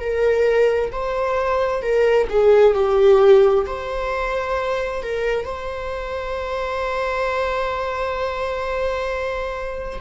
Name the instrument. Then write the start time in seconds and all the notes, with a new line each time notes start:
viola
0.00 A#4
0.92 C5
1.82 A#4
2.29 G#4
2.74 G4
3.66 C5
5.02 A#4
5.45 C5